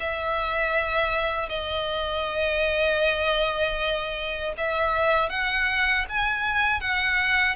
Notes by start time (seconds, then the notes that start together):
0.00 E5
1.49 D#5
4.58 E5
5.30 F#5
6.09 G#5
6.81 F#5